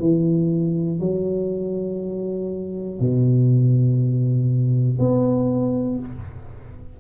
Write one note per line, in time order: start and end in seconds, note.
0.00 1.00 E3
1.00 3.00 F#3
3.00 5.00 B2
5.00 6.00 B3